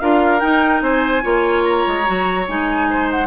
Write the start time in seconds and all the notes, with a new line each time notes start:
0.00 D4 F4 A#4 F5
0.40 D#4 G5
0.81 C4 C5 G#5
1.22 A#3 F4 C#5
1.64 A#5
1.87 G#3
2.05 F#3 F#4
2.48 G#3 D#4 G#5
2.90 C5
3.11 F#5